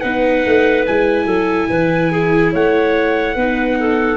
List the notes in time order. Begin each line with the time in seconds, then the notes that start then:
0.00 B3 D#4 B4 F#5
0.45 A3
0.86 G#3 E4 G#5
1.26 F#3 A4
1.69 E3 B4
2.11 G#4
2.52 A3 C#5 F#5
3.35 B3 D#4 B4
3.79 A4